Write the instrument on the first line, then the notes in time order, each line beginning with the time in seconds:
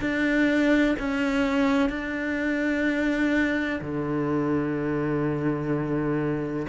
cello
0.00 D4
0.98 C#4
1.89 D4
3.81 D3